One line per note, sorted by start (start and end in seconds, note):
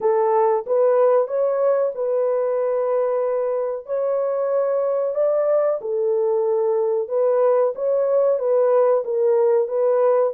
0.00 0.65 A4
0.66 1.27 B4
1.27 1.92 C#5
1.94 3.86 B4
3.86 5.14 C#5
5.14 5.79 D5
5.81 7.08 A4
7.08 7.73 B4
7.75 8.39 C#5
8.39 9.03 B4
9.04 9.68 A#4
9.68 10.32 B4